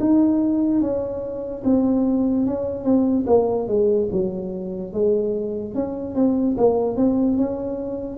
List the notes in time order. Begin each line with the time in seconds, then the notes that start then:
0.00 D#4
0.81 C#4
1.64 C4
2.46 C#4
2.84 C4
3.27 A#3
3.68 G#3
4.12 F#3
4.93 G#3
5.74 C#4
6.15 C4
6.58 A#3
6.96 C4
7.37 C#4